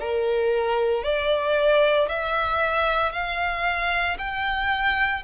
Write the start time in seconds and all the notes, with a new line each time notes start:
0.00 A#4
1.03 D5
2.09 E5
3.12 F5
4.18 G5